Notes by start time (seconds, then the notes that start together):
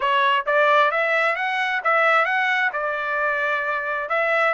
0.00 C#5
0.46 D5
0.91 E5
1.35 F#5
1.83 E5
2.25 F#5
2.73 D5
4.09 E5